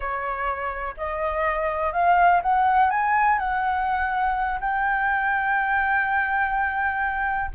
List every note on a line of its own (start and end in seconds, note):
0.00 0.95 C#5
0.97 1.92 D#5
1.92 2.41 F5
2.42 2.90 F#5
2.90 3.38 G#5
3.38 4.59 F#5
4.60 7.50 G5